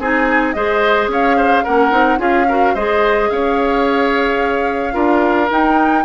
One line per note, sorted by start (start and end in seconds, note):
0.00 0.55 C4
0.00 0.55 D#4
0.00 0.55 G#4
0.00 0.53 G#5
0.53 1.08 G#3
0.53 1.65 G#4
0.53 1.12 C5
0.53 1.08 D#5
1.08 1.63 C#4
1.08 1.37 C#5
1.08 1.65 F5
1.37 1.64 C5
1.64 1.92 A#3
1.64 1.91 C#4
1.64 2.19 A#4
1.64 2.20 F#5
1.91 2.19 C4
1.91 2.18 D#4
2.18 2.74 C#4
2.18 2.46 F4
2.18 2.47 G#4
2.18 2.76 F5
2.49 2.77 F#4
2.49 2.74 A#4
2.74 3.30 G#3
2.74 4.92 G#4
2.74 3.29 C5
2.74 3.31 D#5
3.31 4.95 C#4
3.31 4.94 C#5
3.31 5.51 F5
4.92 5.50 D4
4.92 5.47 F4
4.92 6.04 A#4
5.51 6.06 D#4
5.51 6.06 G5